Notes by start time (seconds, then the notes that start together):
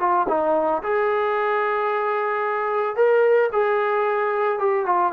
0.00 F4
0.29 D#4
0.83 G#4
2.96 A#4
3.53 G#4
4.59 G4
4.86 F4